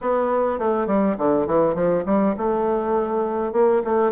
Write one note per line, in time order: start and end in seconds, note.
0.01 0.59 B3
0.59 0.86 A3
0.86 1.16 G3
1.17 1.47 D3
1.47 1.74 E3
1.74 2.04 F3
2.05 2.35 G3
2.37 3.52 A3
3.52 3.82 A#3
3.84 4.12 A3